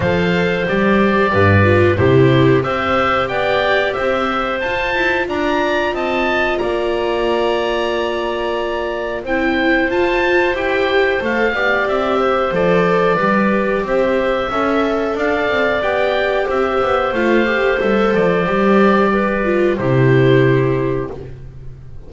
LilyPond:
<<
  \new Staff \with { instrumentName = "oboe" } { \time 4/4 \tempo 4 = 91 f''4 d''2 c''4 | e''4 g''4 e''4 a''4 | ais''4 a''4 ais''2~ | ais''2 g''4 a''4 |
g''4 f''4 e''4 d''4~ | d''4 e''2 f''4 | g''4 e''4 f''4 e''8 d''8~ | d''2 c''2 | }
  \new Staff \with { instrumentName = "clarinet" } { \time 4/4 c''2 b'4 g'4 | c''4 d''4 c''2 | d''4 dis''4 d''2~ | d''2 c''2~ |
c''4. d''4 c''4. | b'4 c''4 e''4 d''4~ | d''4 c''2.~ | c''4 b'4 g'2 | }
  \new Staff \with { instrumentName = "viola" } { \time 4/4 a'4 g'4. f'8 e'4 | g'2. f'4~ | f'1~ | f'2 e'4 f'4 |
g'4 a'8 g'4. a'4 | g'2 a'2 | g'2 f'8 g'8 a'4 | g'4. f'8 e'2 | }
  \new Staff \with { instrumentName = "double bass" } { \time 4/4 f4 g4 g,4 c4 | c'4 b4 c'4 f'8 e'8 | d'4 c'4 ais2~ | ais2 c'4 f'4 |
e'4 a8 b8 c'4 f4 | g4 c'4 cis'4 d'8 c'8 | b4 c'8 b8 a4 g8 f8 | g2 c2 | }
>>